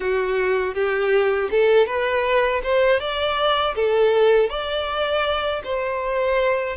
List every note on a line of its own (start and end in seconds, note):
0.00 0.74 F#4
0.74 1.49 G4
1.50 1.86 A4
1.86 2.61 B4
2.62 3.00 C5
3.00 3.75 D5
3.75 4.49 A4
4.49 5.61 D5
5.64 6.76 C5